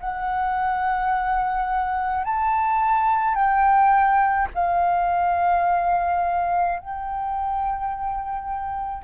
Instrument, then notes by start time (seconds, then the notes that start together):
flute
0.00 F#5
2.25 A5
3.35 G5
4.54 F5
6.79 G5